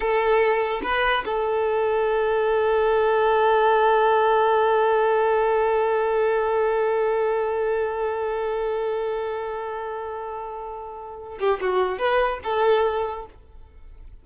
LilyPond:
\new Staff \with { instrumentName = "violin" } { \time 4/4 \tempo 4 = 145 a'2 b'4 a'4~ | a'1~ | a'1~ | a'1~ |
a'1~ | a'1~ | a'2.~ a'8 g'8 | fis'4 b'4 a'2 | }